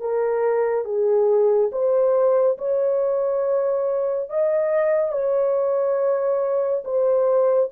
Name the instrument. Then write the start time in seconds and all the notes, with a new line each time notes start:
horn
0.00 A#4
0.85 G#4
1.72 C5
2.58 C#5
4.29 D#5
5.12 C#5
6.84 C5